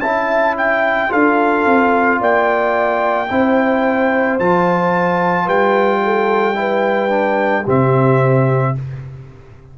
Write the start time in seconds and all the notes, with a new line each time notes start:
0.00 C#4 E4 E5 A5
0.57 G5
1.09 D4 F4 A4 F5
1.65 C4
2.20 A#3 D5 G5
3.30 C4 E4 C5
4.39 F3 F4 A5
5.45 G3 B4 G5
6.03 A4
6.54 E4 B4
7.09 D4
7.63 C3 C4 G4 E5